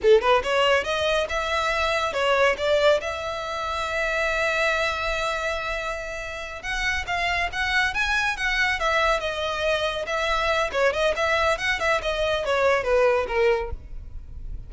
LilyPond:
\new Staff \with { instrumentName = "violin" } { \time 4/4 \tempo 4 = 140 a'8 b'8 cis''4 dis''4 e''4~ | e''4 cis''4 d''4 e''4~ | e''1~ | e''2.~ e''8 fis''8~ |
fis''8 f''4 fis''4 gis''4 fis''8~ | fis''8 e''4 dis''2 e''8~ | e''4 cis''8 dis''8 e''4 fis''8 e''8 | dis''4 cis''4 b'4 ais'4 | }